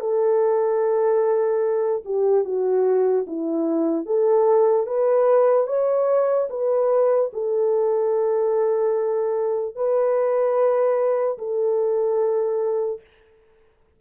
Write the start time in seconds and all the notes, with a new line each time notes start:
0.00 A4
2.05 G4
2.44 F#4
3.27 E4
4.06 A4
4.86 B4
5.67 C#5
6.49 B4
7.33 A4
9.75 B4
11.38 A4